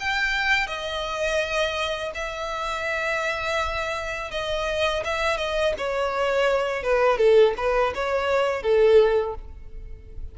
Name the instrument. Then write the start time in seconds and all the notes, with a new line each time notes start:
violin
0.00 G5
0.67 D#5
2.15 E5
4.31 D#5
5.04 E5
5.38 D#5
5.78 C#5
6.83 B4
7.18 A4
7.57 B4
7.95 C#5
8.63 A4